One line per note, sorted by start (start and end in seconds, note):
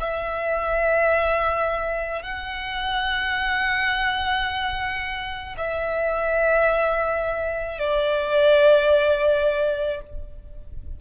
0.00 2.22 E5
2.22 5.56 F#5
5.57 7.79 E5
7.79 10.01 D5